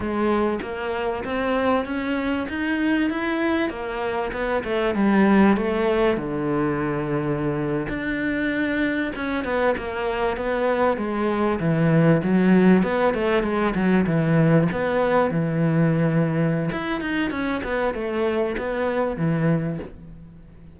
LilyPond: \new Staff \with { instrumentName = "cello" } { \time 4/4 \tempo 4 = 97 gis4 ais4 c'4 cis'4 | dis'4 e'4 ais4 b8 a8 | g4 a4 d2~ | d8. d'2 cis'8 b8 ais16~ |
ais8. b4 gis4 e4 fis16~ | fis8. b8 a8 gis8 fis8 e4 b16~ | b8. e2~ e16 e'8 dis'8 | cis'8 b8 a4 b4 e4 | }